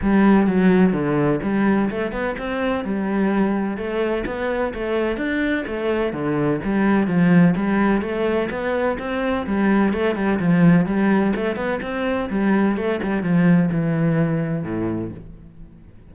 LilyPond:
\new Staff \with { instrumentName = "cello" } { \time 4/4 \tempo 4 = 127 g4 fis4 d4 g4 | a8 b8 c'4 g2 | a4 b4 a4 d'4 | a4 d4 g4 f4 |
g4 a4 b4 c'4 | g4 a8 g8 f4 g4 | a8 b8 c'4 g4 a8 g8 | f4 e2 a,4 | }